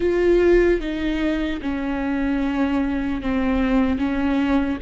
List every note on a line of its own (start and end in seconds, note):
0.00 0.80 F4
0.80 1.60 D#4
1.61 3.21 C#4
3.21 3.98 C4
3.98 4.78 C#4